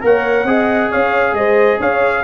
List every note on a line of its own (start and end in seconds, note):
0.00 0.44 A#3
0.00 0.44 A#4
0.00 0.48 C#5
0.00 0.91 F#5
0.44 0.88 C4
0.44 2.24 G#4
0.44 0.91 D#5
0.91 1.32 C#4
0.91 1.36 C#5
0.91 1.35 F5
1.32 1.77 G#3
1.32 1.80 C5
1.32 1.79 D#5
1.79 2.24 C#4
1.79 2.24 C#5
1.79 2.24 F5